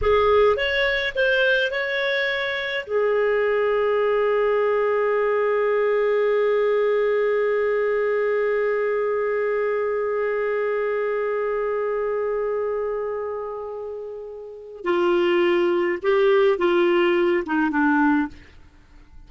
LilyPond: \new Staff \with { instrumentName = "clarinet" } { \time 4/4 \tempo 4 = 105 gis'4 cis''4 c''4 cis''4~ | cis''4 gis'2.~ | gis'1~ | gis'1~ |
gis'1~ | gis'1~ | gis'2 f'2 | g'4 f'4. dis'8 d'4 | }